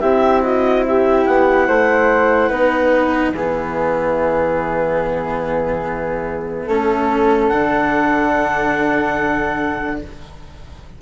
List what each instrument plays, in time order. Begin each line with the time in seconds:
0.00 bassoon C4, cello E4, flute G4, clarinet E5
0.42 flute F#4, clarinet D#5
0.86 flute G4, clarinet E5
1.26 bassoon B3, clarinet F#5
1.68 bassoon A3, flute C5
2.49 bassoon B3, cello D#4, flute B4
3.32 bassoon E3, cello B3, flute G#4, clarinet E5
6.66 bassoon A3, cello C#4, flute A4
7.49 bassoon D3, cello D4, clarinet F#5